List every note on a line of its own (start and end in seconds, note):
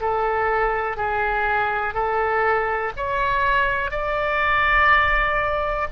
0.00 0.97 A4
0.97 1.94 G#4
1.94 2.92 A4
2.96 3.90 C#5
3.90 5.87 D5